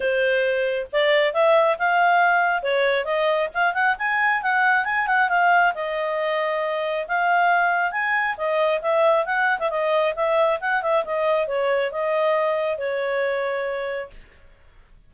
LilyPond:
\new Staff \with { instrumentName = "clarinet" } { \time 4/4 \tempo 4 = 136 c''2 d''4 e''4 | f''2 cis''4 dis''4 | f''8 fis''8 gis''4 fis''4 gis''8 fis''8 | f''4 dis''2. |
f''2 gis''4 dis''4 | e''4 fis''8. e''16 dis''4 e''4 | fis''8 e''8 dis''4 cis''4 dis''4~ | dis''4 cis''2. | }